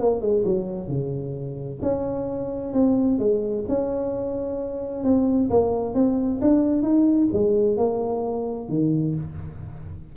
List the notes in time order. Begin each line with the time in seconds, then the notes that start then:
0.00 A#3
0.21 G#3
0.46 F#3
0.88 C#3
1.82 C#4
2.74 C4
3.19 G#3
3.69 C#4
5.04 C4
5.50 A#3
5.95 C4
6.42 D4
6.83 D#4
7.33 G#3
7.78 A#3
8.69 D#3